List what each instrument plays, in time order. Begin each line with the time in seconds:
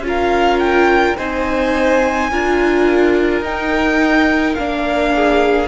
0.00 cello C#4, viola F4
0.07 violin A#4 F5
0.59 violin G5
1.17 cello C4, viola D#4, violin C5 G#5
2.31 cello D4, viola F4, violin A#4
3.40 cello D#4, viola D#4, violin G5
4.55 cello A#3, viola D4, violin F5
5.14 violin G#4